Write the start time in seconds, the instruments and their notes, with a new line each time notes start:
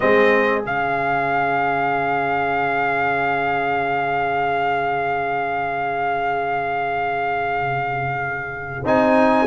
0.00 tuba G#3, trombone C4, horn G#4, trumpet D#5
0.62 tuba C#3, trombone C#4, trumpet F5
8.84 tuba C4, trombone D#4, trumpet G#5